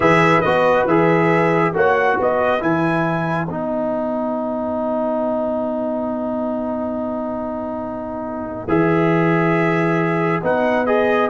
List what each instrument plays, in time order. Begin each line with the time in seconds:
0.00 tuba E3, trombone G#4, horn B4, trumpet E5
0.41 tuba B3, trombone F#4, trumpet D#5
0.85 tuba E3, trombone G#4, trumpet E5
1.73 tuba A#3, trombone F#4, horn C#5, trumpet F#5
2.17 tuba B3, horn B4, trumpet D#5
2.60 tuba E3, trombone E4, trumpet G#5
3.48 tuba B3, trombone D#4, trumpet F#5
8.67 tuba E3, trombone G#4, trumpet E5
10.43 tuba B3, trombone D#4, trumpet F#5
10.86 trombone G#4, trumpet D#5